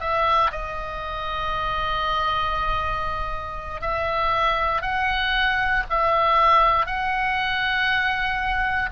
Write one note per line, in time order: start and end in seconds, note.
0.00 0.51 E5
0.51 3.81 D#5
3.81 4.81 E5
4.81 5.83 F#5
5.89 6.86 E5
6.86 8.89 F#5